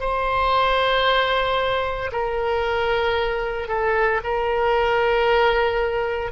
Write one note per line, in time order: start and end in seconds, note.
0.00 2.11 C5
2.11 3.68 A#4
3.68 4.21 A4
4.23 6.32 A#4